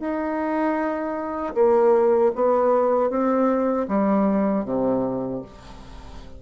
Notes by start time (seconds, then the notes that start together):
0.00 D#4
1.55 A#3
2.35 B3
3.10 C4
3.88 G3
4.65 C3